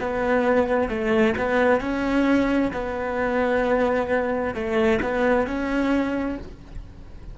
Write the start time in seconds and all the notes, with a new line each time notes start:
0.00 B3
0.88 A3
1.38 B3
1.80 C#4
2.73 B3
4.54 A3
5.02 B3
5.47 C#4